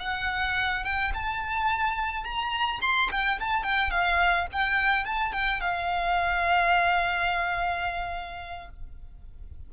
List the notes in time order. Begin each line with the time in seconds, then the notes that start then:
0.00 F#5
0.84 G5
1.14 A5
2.24 A#5
2.82 C6
3.11 G5
3.40 A5
3.64 G5
3.91 F5
4.52 G5
5.05 A5
5.33 G5
5.61 F5